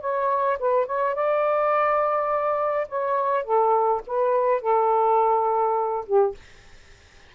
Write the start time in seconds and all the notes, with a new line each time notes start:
0.00 C#5
0.59 B4
0.86 C#5
1.15 D5
2.88 C#5
3.44 A4
4.06 B4
4.61 A4
6.06 G4